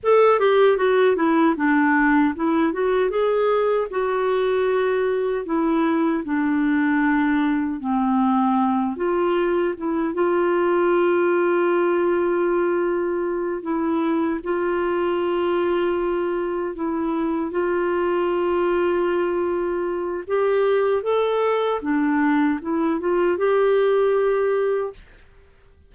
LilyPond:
\new Staff \with { instrumentName = "clarinet" } { \time 4/4 \tempo 4 = 77 a'8 g'8 fis'8 e'8 d'4 e'8 fis'8 | gis'4 fis'2 e'4 | d'2 c'4. f'8~ | f'8 e'8 f'2.~ |
f'4. e'4 f'4.~ | f'4. e'4 f'4.~ | f'2 g'4 a'4 | d'4 e'8 f'8 g'2 | }